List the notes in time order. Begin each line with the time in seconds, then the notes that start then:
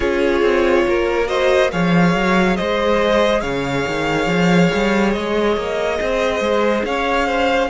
0.00 C#4 F4 G#4 C#5
0.41 C4
0.87 A#3 A#4
1.26 F#4 C5 D#5
1.71 F3 G#4 C#5 F5
2.14 F#3
2.56 G#3 C5 D#5
3.40 C#3 C#5 F5
3.87 D#3
4.26 F3
4.74 G3
5.12 G#3 D#5
5.56 A#3
5.99 C4 C5
6.40 G#3
6.84 C#4 C#5 F5
7.26 C5